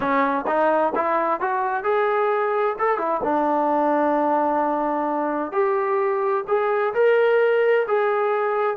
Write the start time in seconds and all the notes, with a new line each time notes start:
0.00 C#4
0.47 D#4
0.95 E4
1.40 F#4
1.83 G#4
2.78 A4
2.97 E4
3.23 D4
5.52 G4
6.47 G#4
6.94 A#4
7.87 G#4